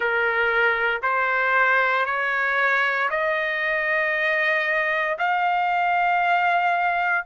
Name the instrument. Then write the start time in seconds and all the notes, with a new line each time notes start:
trumpet
0.00 A#4
1.02 C5
2.05 C#5
3.10 D#5
5.18 F5